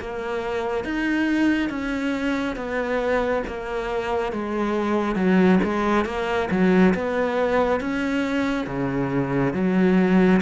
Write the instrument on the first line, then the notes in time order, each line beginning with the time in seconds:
cello
0.00 A#3
0.85 D#4
1.70 C#4
2.56 B3
3.47 A#3
4.32 G#3
5.15 F#3
5.64 G#3
6.05 A#3
6.51 F#3
6.94 B3
7.80 C#4
8.67 C#3
9.54 F#3